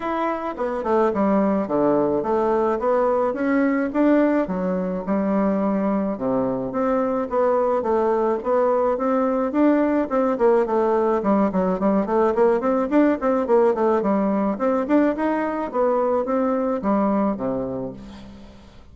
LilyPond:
\new Staff \with { instrumentName = "bassoon" } { \time 4/4 \tempo 4 = 107 e'4 b8 a8 g4 d4 | a4 b4 cis'4 d'4 | fis4 g2 c4 | c'4 b4 a4 b4 |
c'4 d'4 c'8 ais8 a4 | g8 fis8 g8 a8 ais8 c'8 d'8 c'8 | ais8 a8 g4 c'8 d'8 dis'4 | b4 c'4 g4 c4 | }